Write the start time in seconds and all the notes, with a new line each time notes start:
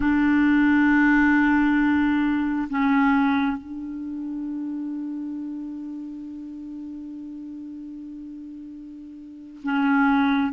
0.00 D4
2.69 C#4
3.57 D4
9.63 C#4